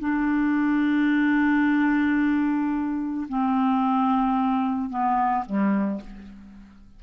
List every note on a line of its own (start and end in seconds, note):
0.00 3.27 D4
3.29 4.90 C4
4.90 5.44 B3
5.46 6.01 G3